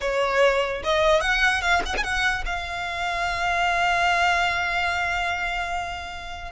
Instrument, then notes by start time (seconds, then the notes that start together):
violin
0.01 C#5
0.83 D#5
1.20 F#5
1.61 F5
1.85 F#5
1.97 G#5
2.03 F#5
2.45 F5